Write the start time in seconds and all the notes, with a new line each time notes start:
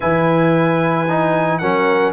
0.00 E3 E4 B4 G#5
1.09 D#4
1.58 F#3 C#4 A#4 F#5